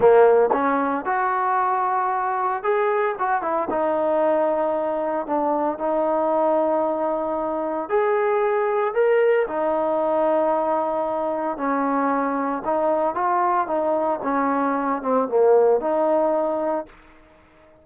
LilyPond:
\new Staff \with { instrumentName = "trombone" } { \time 4/4 \tempo 4 = 114 ais4 cis'4 fis'2~ | fis'4 gis'4 fis'8 e'8 dis'4~ | dis'2 d'4 dis'4~ | dis'2. gis'4~ |
gis'4 ais'4 dis'2~ | dis'2 cis'2 | dis'4 f'4 dis'4 cis'4~ | cis'8 c'8 ais4 dis'2 | }